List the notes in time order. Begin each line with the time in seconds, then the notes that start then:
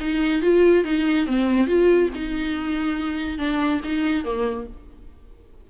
0.00 D#4
0.41 F4
0.84 D#4
1.26 C4
1.67 F4
2.14 D#4
3.38 D4
3.83 D#4
4.24 A#3